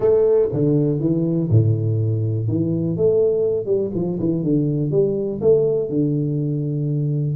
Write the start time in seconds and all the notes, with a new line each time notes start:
0.00 A3
0.52 D3
0.99 E3
1.49 A2
2.47 E3
2.96 A3
3.65 G3
3.94 F3
4.19 E3
4.43 D3
4.91 G3
5.41 A3
5.89 D3